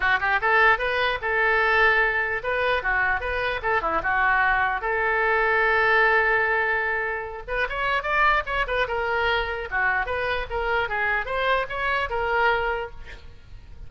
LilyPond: \new Staff \with { instrumentName = "oboe" } { \time 4/4 \tempo 4 = 149 fis'8 g'8 a'4 b'4 a'4~ | a'2 b'4 fis'4 | b'4 a'8 e'8 fis'2 | a'1~ |
a'2~ a'8 b'8 cis''4 | d''4 cis''8 b'8 ais'2 | fis'4 b'4 ais'4 gis'4 | c''4 cis''4 ais'2 | }